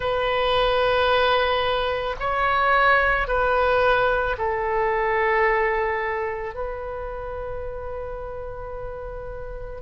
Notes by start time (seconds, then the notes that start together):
0.00 B4
2.19 C#5
3.27 B4
4.38 A4
6.54 B4